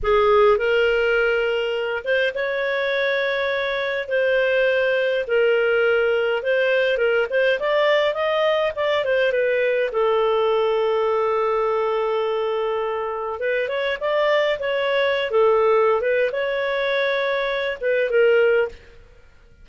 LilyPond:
\new Staff \with { instrumentName = "clarinet" } { \time 4/4 \tempo 4 = 103 gis'4 ais'2~ ais'8 c''8 | cis''2. c''4~ | c''4 ais'2 c''4 | ais'8 c''8 d''4 dis''4 d''8 c''8 |
b'4 a'2.~ | a'2. b'8 cis''8 | d''4 cis''4~ cis''16 a'4~ a'16 b'8 | cis''2~ cis''8 b'8 ais'4 | }